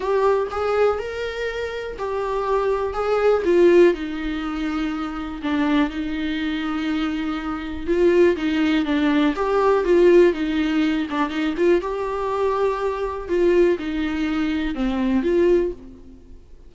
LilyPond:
\new Staff \with { instrumentName = "viola" } { \time 4/4 \tempo 4 = 122 g'4 gis'4 ais'2 | g'2 gis'4 f'4 | dis'2. d'4 | dis'1 |
f'4 dis'4 d'4 g'4 | f'4 dis'4. d'8 dis'8 f'8 | g'2. f'4 | dis'2 c'4 f'4 | }